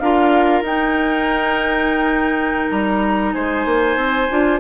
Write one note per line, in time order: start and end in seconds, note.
0.00 0.62 D4
0.00 0.66 F4
0.00 3.34 A#4
0.00 0.63 F5
0.62 2.67 D#4
0.62 4.29 D#4
0.62 2.71 G5
2.71 3.34 G3
2.71 3.34 A#5
3.34 3.66 G#3
3.34 4.60 C5
3.34 4.60 G#5
3.66 3.96 A#3
3.96 4.28 C4
4.30 4.60 D4
4.30 4.60 F4